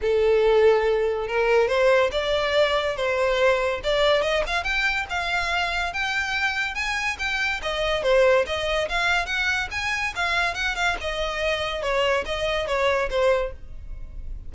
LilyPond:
\new Staff \with { instrumentName = "violin" } { \time 4/4 \tempo 4 = 142 a'2. ais'4 | c''4 d''2 c''4~ | c''4 d''4 dis''8 f''8 g''4 | f''2 g''2 |
gis''4 g''4 dis''4 c''4 | dis''4 f''4 fis''4 gis''4 | f''4 fis''8 f''8 dis''2 | cis''4 dis''4 cis''4 c''4 | }